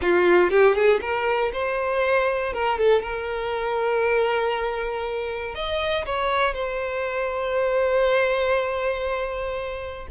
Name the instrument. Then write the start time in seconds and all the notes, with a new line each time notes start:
violin
0.01 F4
0.50 G4
0.74 G#4
1.01 A#4
1.52 C5
2.53 A#4
2.78 A4
3.02 A#4
5.54 D#5
6.05 C#5
6.54 C5